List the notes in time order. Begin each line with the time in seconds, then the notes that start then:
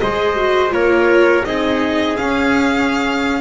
0.00 G#3 G#4 C5 D#5
0.36 F#4
0.70 A#3 F4 A#4 C#5
1.45 C4 D#4 G#4 D#5
2.17 C#4 F5